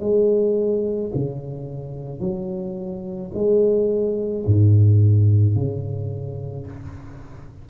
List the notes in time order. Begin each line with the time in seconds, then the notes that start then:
0.00 G#3
1.15 C#3
2.20 F#3
3.34 G#3
4.46 G#2
5.56 C#3